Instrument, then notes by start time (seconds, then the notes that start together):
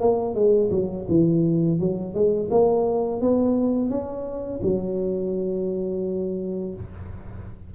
tuba
0.00 A#3
0.34 G#3
0.70 F#3
1.08 E3
1.79 F#3
2.14 G#3
2.50 A#3
3.21 B3
3.90 C#4
4.62 F#3